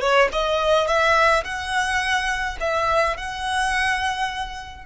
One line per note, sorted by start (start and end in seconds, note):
0.00 0.28 C#5
0.32 0.87 D#5
0.87 1.44 E5
1.44 2.57 F#5
2.60 3.17 E5
3.17 4.86 F#5